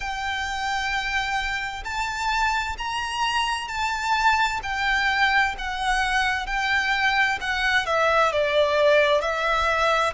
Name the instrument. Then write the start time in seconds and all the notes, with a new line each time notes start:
violin
0.00 G5
1.84 A5
2.78 A#5
3.68 A5
4.62 G5
5.58 F#5
6.46 G5
7.41 F#5
7.85 E5
8.32 D5
9.21 E5